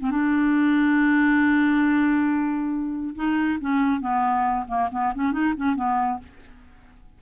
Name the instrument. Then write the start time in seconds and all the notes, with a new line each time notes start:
clarinet
0.00 C4
0.11 D4
3.15 D#4
3.61 C#4
4.01 B3
4.68 A#3
4.92 B3
5.14 C#4
5.32 D#4
5.57 C#4
5.75 B3